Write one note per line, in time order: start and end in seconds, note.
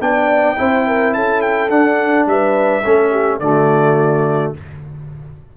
0.00 0.57 B3
0.00 0.56 D4
0.00 0.58 D5
0.00 1.13 G5
0.56 1.16 C4
0.56 1.70 E4
0.56 0.87 C5
0.87 1.15 A#4
1.13 1.70 C#4
1.13 2.28 A4
1.13 1.41 A5
1.41 1.69 G5
1.70 2.26 D4
1.70 2.83 D4
1.70 2.26 F#5
2.26 2.82 G3
2.26 2.83 B4
2.26 3.39 E5
2.83 3.40 A3
2.83 3.41 C#4
2.83 3.11 A4
3.11 3.39 G4
3.39 4.53 D3
3.39 4.54 A3
3.39 4.56 F#4
3.39 4.53 D5